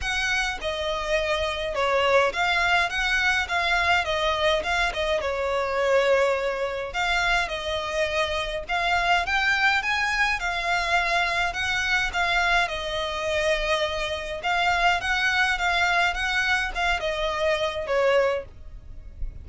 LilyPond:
\new Staff \with { instrumentName = "violin" } { \time 4/4 \tempo 4 = 104 fis''4 dis''2 cis''4 | f''4 fis''4 f''4 dis''4 | f''8 dis''8 cis''2. | f''4 dis''2 f''4 |
g''4 gis''4 f''2 | fis''4 f''4 dis''2~ | dis''4 f''4 fis''4 f''4 | fis''4 f''8 dis''4. cis''4 | }